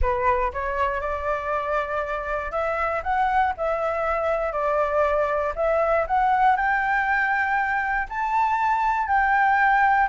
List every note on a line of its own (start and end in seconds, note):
0.01 0.52 B4
0.53 1.00 C#5
1.00 2.51 D5
2.51 3.02 E5
3.03 3.53 F#5
3.57 4.52 E5
4.52 5.53 D5
5.55 6.06 E5
6.07 6.56 F#5
6.56 8.07 G5
8.09 9.07 A5
9.07 10.08 G5